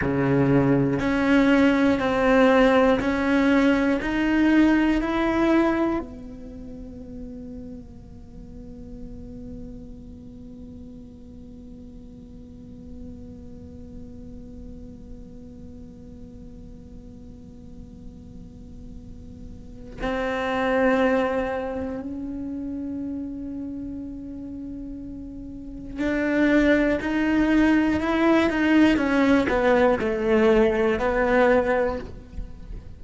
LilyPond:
\new Staff \with { instrumentName = "cello" } { \time 4/4 \tempo 4 = 60 cis4 cis'4 c'4 cis'4 | dis'4 e'4 b2~ | b1~ | b1~ |
b1 | c'2 cis'2~ | cis'2 d'4 dis'4 | e'8 dis'8 cis'8 b8 a4 b4 | }